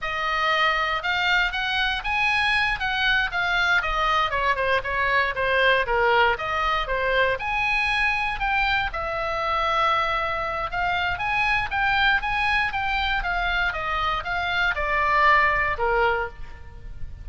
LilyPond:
\new Staff \with { instrumentName = "oboe" } { \time 4/4 \tempo 4 = 118 dis''2 f''4 fis''4 | gis''4. fis''4 f''4 dis''8~ | dis''8 cis''8 c''8 cis''4 c''4 ais'8~ | ais'8 dis''4 c''4 gis''4.~ |
gis''8 g''4 e''2~ e''8~ | e''4 f''4 gis''4 g''4 | gis''4 g''4 f''4 dis''4 | f''4 d''2 ais'4 | }